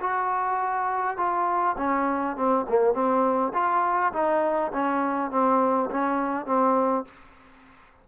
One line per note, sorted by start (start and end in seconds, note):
0.00 1.17 F#4
1.17 1.76 F4
1.78 2.36 C#4
2.36 2.66 C4
2.69 2.94 A#3
2.94 3.53 C4
3.54 4.13 F4
4.13 4.72 D#4
4.73 5.31 C#4
5.31 5.90 C4
5.90 6.46 C#4
6.46 7.05 C4